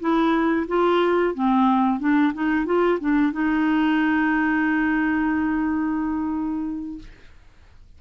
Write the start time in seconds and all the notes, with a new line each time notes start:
0.00 E4
0.68 F4
1.35 C4
2.00 D4
2.34 D#4
2.66 F4
3.00 D4
3.32 D#4